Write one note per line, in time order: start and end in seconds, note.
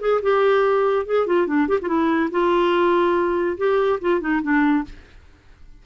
0.00 0.21 G#4
0.22 1.06 G4
1.06 1.27 G#4
1.27 1.47 F4
1.47 1.68 D4
1.68 1.79 G4
1.82 1.88 F4
1.88 2.30 E4
2.31 3.57 F4
3.57 3.99 G4
4.01 4.21 F4
4.21 4.42 D#4
4.42 4.84 D4